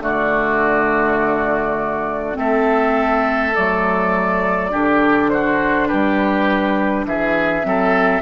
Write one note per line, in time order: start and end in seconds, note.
0.00 2.35 D3
0.00 2.35 A3
0.00 2.38 F#4
0.00 2.38 D5
2.35 3.56 A3
2.35 3.52 C4
2.35 4.72 A4
2.35 3.55 E5
3.55 4.74 F#3
3.55 4.70 A3
3.55 5.30 D5
4.70 5.91 D3
4.70 7.64 D4
4.70 5.31 G4
5.30 5.88 F#4
5.30 5.88 C5
5.88 7.06 G3
5.88 7.06 G4
5.88 7.05 B4
7.06 7.65 E3
7.06 7.67 G#4
7.06 8.22 E5
7.64 8.22 F#3
7.64 8.22 C4
7.64 8.22 A4